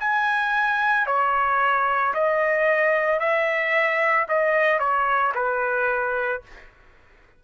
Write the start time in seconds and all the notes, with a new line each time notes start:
0.00 G#5
1.07 C#5
2.14 D#5
3.19 E5
4.29 D#5
4.79 C#5
5.35 B4